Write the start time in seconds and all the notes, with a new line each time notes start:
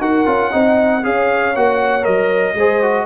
0.00 D#4 F#4 A#4 F#5
0.26 C#4 F4
0.51 C4 D#4 D#5
1.03 C#4 G#4 C#5 F5
1.56 A#3 F#4 F#5
2.02 F#3 A#4 D#5
2.54 G#3 G#4 C5
2.83 F#4